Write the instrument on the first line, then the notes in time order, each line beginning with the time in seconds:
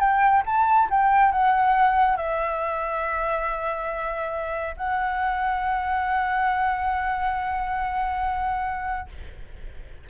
flute
0.00 G5
0.46 A5
0.91 G5
1.32 F#5
2.17 E5
4.77 F#5